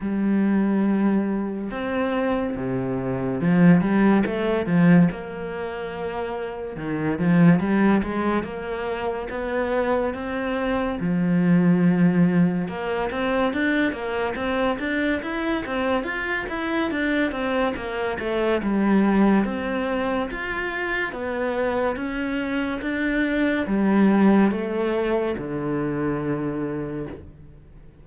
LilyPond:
\new Staff \with { instrumentName = "cello" } { \time 4/4 \tempo 4 = 71 g2 c'4 c4 | f8 g8 a8 f8 ais2 | dis8 f8 g8 gis8 ais4 b4 | c'4 f2 ais8 c'8 |
d'8 ais8 c'8 d'8 e'8 c'8 f'8 e'8 | d'8 c'8 ais8 a8 g4 c'4 | f'4 b4 cis'4 d'4 | g4 a4 d2 | }